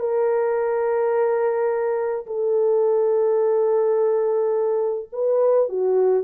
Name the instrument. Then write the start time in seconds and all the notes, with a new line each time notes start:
horn
0.00 A#4
2.26 A4
5.13 B4
5.69 F#4